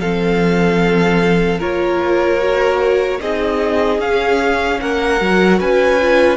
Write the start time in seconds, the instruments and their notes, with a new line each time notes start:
0.00 cello F3, viola C4, violin A4 F5
1.60 cello A#3, viola F4, violin A#4 C#5
2.40 viola F#4
3.21 cello C4, viola D#4, violin G#4 D#5
3.99 cello C#4, viola C#4, violin F5
4.81 cello A#3, violin A#4 F#5
5.21 cello F#3, viola F#4
5.60 cello C#4, violin B4 G#5
6.01 viola F4